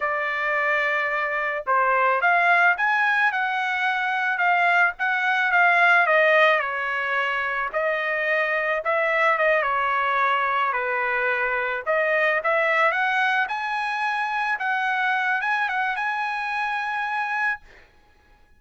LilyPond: \new Staff \with { instrumentName = "trumpet" } { \time 4/4 \tempo 4 = 109 d''2. c''4 | f''4 gis''4 fis''2 | f''4 fis''4 f''4 dis''4 | cis''2 dis''2 |
e''4 dis''8 cis''2 b'8~ | b'4. dis''4 e''4 fis''8~ | fis''8 gis''2 fis''4. | gis''8 fis''8 gis''2. | }